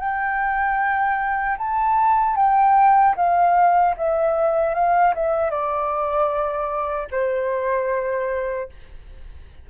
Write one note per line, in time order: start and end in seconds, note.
0.00 1.58 G5
1.59 2.36 A5
2.36 3.15 G5
3.17 3.95 F5
3.98 4.75 E5
4.75 5.14 F5
5.15 5.51 E5
5.51 7.09 D5
7.12 8.69 C5